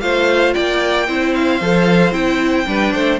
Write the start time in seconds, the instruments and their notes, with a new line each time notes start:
0.00 cello A3, viola F4, violin C5 F5
0.53 cello A#3, violin D5 G5
1.07 cello C4, viola E4, violin C5
1.34 violin F5
1.61 cello F3, viola A4
2.12 cello C4, viola E4, violin G5
2.66 cello G3, viola D4, violin B4
2.93 cello A3, violin C5